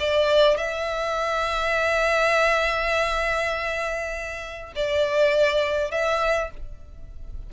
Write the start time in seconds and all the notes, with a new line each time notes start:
0.00 D5
0.58 E5
4.76 D5
5.92 E5